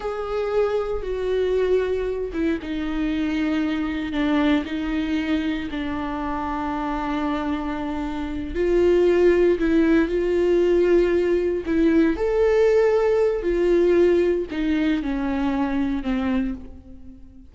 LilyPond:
\new Staff \with { instrumentName = "viola" } { \time 4/4 \tempo 4 = 116 gis'2 fis'2~ | fis'8 e'8 dis'2. | d'4 dis'2 d'4~ | d'1~ |
d'8 f'2 e'4 f'8~ | f'2~ f'8 e'4 a'8~ | a'2 f'2 | dis'4 cis'2 c'4 | }